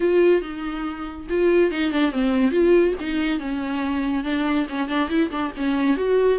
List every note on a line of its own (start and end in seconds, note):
0.00 0.41 F4
0.41 1.26 D#4
1.29 1.71 F4
1.71 1.91 D#4
1.91 2.12 D4
2.12 2.51 C4
2.51 2.93 F4
3.00 3.39 D#4
3.39 4.24 C#4
4.24 4.66 D4
4.69 4.88 C#4
4.88 5.09 D4
5.09 5.30 E4
5.31 5.52 D4
5.56 5.97 C#4
5.97 6.39 F#4